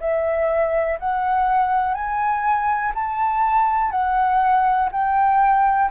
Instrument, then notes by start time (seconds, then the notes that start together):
flute
0.00 E5
0.99 F#5
1.94 G#5
2.94 A5
3.91 F#5
4.91 G5